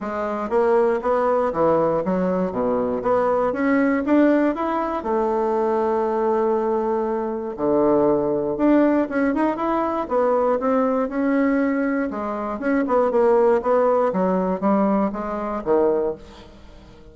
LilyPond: \new Staff \with { instrumentName = "bassoon" } { \time 4/4 \tempo 4 = 119 gis4 ais4 b4 e4 | fis4 b,4 b4 cis'4 | d'4 e'4 a2~ | a2. d4~ |
d4 d'4 cis'8 dis'8 e'4 | b4 c'4 cis'2 | gis4 cis'8 b8 ais4 b4 | fis4 g4 gis4 dis4 | }